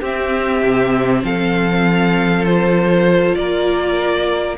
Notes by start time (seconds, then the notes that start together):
0.00 C4 G4 E5
0.63 C3
1.23 F3 A4 F5
2.44 F4 C5
3.35 A#3 A#4 D5